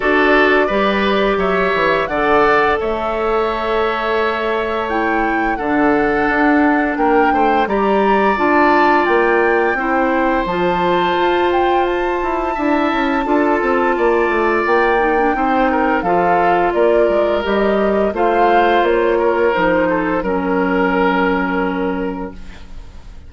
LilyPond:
<<
  \new Staff \with { instrumentName = "flute" } { \time 4/4 \tempo 4 = 86 d''2 e''4 fis''4 | e''2. g''4 | fis''2 g''4 ais''4 | a''4 g''2 a''4~ |
a''8 g''8 a''2.~ | a''4 g''2 f''4 | d''4 dis''4 f''4 cis''4 | c''4 ais'2. | }
  \new Staff \with { instrumentName = "oboe" } { \time 4/4 a'4 b'4 cis''4 d''4 | cis''1 | a'2 ais'8 c''8 d''4~ | d''2 c''2~ |
c''2 e''4 a'4 | d''2 c''8 ais'8 a'4 | ais'2 c''4. ais'8~ | ais'8 a'8 ais'2. | }
  \new Staff \with { instrumentName = "clarinet" } { \time 4/4 fis'4 g'2 a'4~ | a'2. e'4 | d'2. g'4 | f'2 e'4 f'4~ |
f'2 e'4 f'4~ | f'4. dis'16 d'16 dis'4 f'4~ | f'4 g'4 f'2 | dis'4 cis'2. | }
  \new Staff \with { instrumentName = "bassoon" } { \time 4/4 d'4 g4 fis8 e8 d4 | a1 | d4 d'4 ais8 a8 g4 | d'4 ais4 c'4 f4 |
f'4. e'8 d'8 cis'8 d'8 c'8 | ais8 a8 ais4 c'4 f4 | ais8 gis8 g4 a4 ais4 | f4 fis2. | }
>>